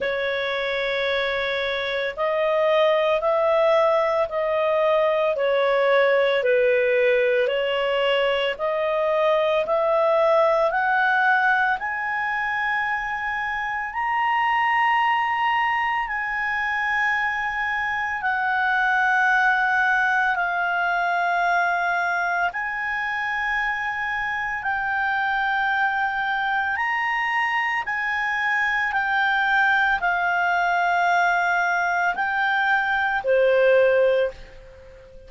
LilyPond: \new Staff \with { instrumentName = "clarinet" } { \time 4/4 \tempo 4 = 56 cis''2 dis''4 e''4 | dis''4 cis''4 b'4 cis''4 | dis''4 e''4 fis''4 gis''4~ | gis''4 ais''2 gis''4~ |
gis''4 fis''2 f''4~ | f''4 gis''2 g''4~ | g''4 ais''4 gis''4 g''4 | f''2 g''4 c''4 | }